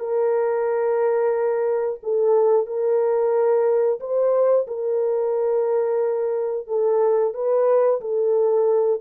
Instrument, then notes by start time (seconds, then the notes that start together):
horn
0.00 A#4
2.03 A4
2.67 A#4
4.00 C5
4.68 A#4
6.68 A4
7.34 B4
8.01 A4